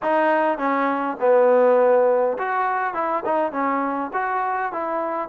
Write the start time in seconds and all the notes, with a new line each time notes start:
0.02 D#4
0.57 C#4
1.20 B3
2.38 F#4
2.94 E4
3.25 D#4
3.52 C#4
4.13 F#4
4.72 E4